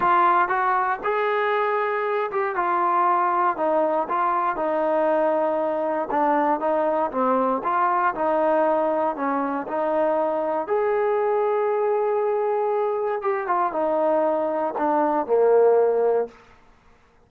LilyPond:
\new Staff \with { instrumentName = "trombone" } { \time 4/4 \tempo 4 = 118 f'4 fis'4 gis'2~ | gis'8 g'8 f'2 dis'4 | f'4 dis'2. | d'4 dis'4 c'4 f'4 |
dis'2 cis'4 dis'4~ | dis'4 gis'2.~ | gis'2 g'8 f'8 dis'4~ | dis'4 d'4 ais2 | }